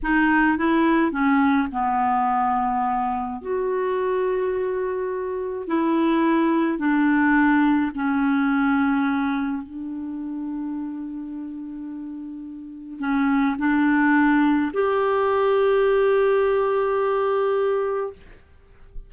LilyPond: \new Staff \with { instrumentName = "clarinet" } { \time 4/4 \tempo 4 = 106 dis'4 e'4 cis'4 b4~ | b2 fis'2~ | fis'2 e'2 | d'2 cis'2~ |
cis'4 d'2.~ | d'2. cis'4 | d'2 g'2~ | g'1 | }